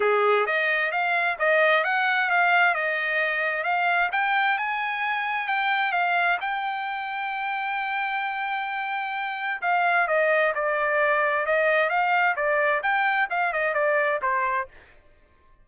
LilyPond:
\new Staff \with { instrumentName = "trumpet" } { \time 4/4 \tempo 4 = 131 gis'4 dis''4 f''4 dis''4 | fis''4 f''4 dis''2 | f''4 g''4 gis''2 | g''4 f''4 g''2~ |
g''1~ | g''4 f''4 dis''4 d''4~ | d''4 dis''4 f''4 d''4 | g''4 f''8 dis''8 d''4 c''4 | }